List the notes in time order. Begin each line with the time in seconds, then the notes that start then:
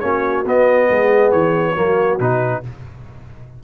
0.00 A#3 C#4 F#4 C#5
0.45 B3 D#5
0.88 G#3 G#4
1.32 E3 C#5
1.75 F#3 A#3 F#4
2.20 B2 D#4 B4